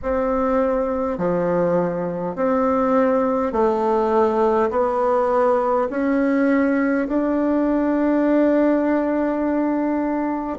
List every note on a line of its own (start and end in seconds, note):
0.02 1.18 C4
1.18 2.35 F3
2.35 3.52 C4
3.52 4.70 A3
4.70 5.88 B3
5.90 7.07 C#4
7.07 10.58 D4